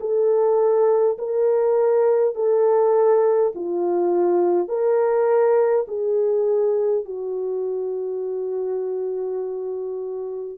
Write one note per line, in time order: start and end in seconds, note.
0.00 1.18 A4
1.18 2.35 A#4
2.35 3.52 A4
3.55 4.68 F4
4.68 5.86 A#4
5.88 7.05 G#4
7.05 10.57 F#4